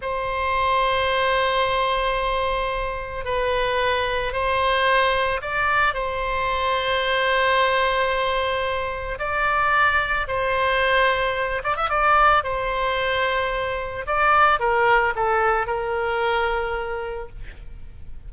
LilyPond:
\new Staff \with { instrumentName = "oboe" } { \time 4/4 \tempo 4 = 111 c''1~ | c''2 b'2 | c''2 d''4 c''4~ | c''1~ |
c''4 d''2 c''4~ | c''4. d''16 e''16 d''4 c''4~ | c''2 d''4 ais'4 | a'4 ais'2. | }